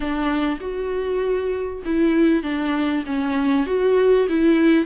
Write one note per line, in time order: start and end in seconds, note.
0.00 0.58 D4
0.60 1.82 F#4
1.85 2.42 E4
2.42 3.04 D4
3.06 3.66 C#4
3.66 4.27 F#4
4.28 4.85 E4